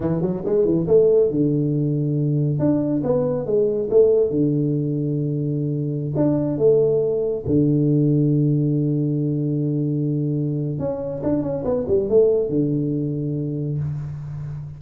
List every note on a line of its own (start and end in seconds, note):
0.00 0.21 E3
0.21 0.43 F#3
0.45 0.65 G#3
0.65 0.86 E3
0.87 1.30 A3
1.30 2.59 D3
2.59 3.02 D4
3.03 3.46 B3
3.46 3.89 G#3
3.90 4.30 A3
4.30 6.13 D3
6.15 6.57 D4
6.57 7.44 A3
7.46 10.79 D3
10.79 11.22 C#4
11.23 11.42 D4
11.42 11.64 C#4
11.64 11.86 B3
11.88 12.09 G3
12.09 12.49 A3
12.49 13.78 D3